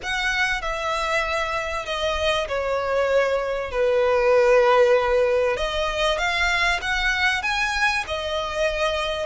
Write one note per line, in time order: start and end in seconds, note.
0.03 0.61 F#5
0.61 1.85 E5
1.85 2.47 D#5
2.47 3.71 C#5
3.71 5.56 B4
5.56 6.18 D#5
6.18 6.80 F5
6.81 7.42 F#5
7.42 8.04 G#5
8.07 9.26 D#5